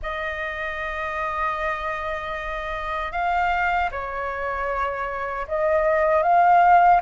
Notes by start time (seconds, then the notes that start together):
0.02 D#5
3.12 F5
3.91 C#5
5.47 D#5
6.23 F5